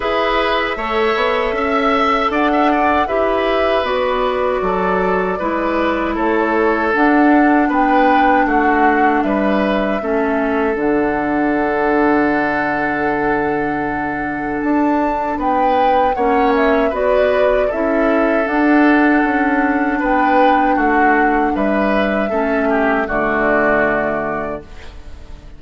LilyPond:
<<
  \new Staff \with { instrumentName = "flute" } { \time 4/4 \tempo 4 = 78 e''2. fis''4 | e''4 d''2. | cis''4 fis''4 g''4 fis''4 | e''2 fis''2~ |
fis''2. a''4 | g''4 fis''8 e''8 d''4 e''4 | fis''2 g''4 fis''4 | e''2 d''2 | }
  \new Staff \with { instrumentName = "oboe" } { \time 4/4 b'4 cis''4 e''4 d''16 e''16 d''8 | b'2 a'4 b'4 | a'2 b'4 fis'4 | b'4 a'2.~ |
a'1 | b'4 cis''4 b'4 a'4~ | a'2 b'4 fis'4 | b'4 a'8 g'8 fis'2 | }
  \new Staff \with { instrumentName = "clarinet" } { \time 4/4 gis'4 a'2. | g'4 fis'2 e'4~ | e'4 d'2.~ | d'4 cis'4 d'2~ |
d'1~ | d'4 cis'4 fis'4 e'4 | d'1~ | d'4 cis'4 a2 | }
  \new Staff \with { instrumentName = "bassoon" } { \time 4/4 e'4 a8 b8 cis'4 d'4 | e'4 b4 fis4 gis4 | a4 d'4 b4 a4 | g4 a4 d2~ |
d2. d'4 | b4 ais4 b4 cis'4 | d'4 cis'4 b4 a4 | g4 a4 d2 | }
>>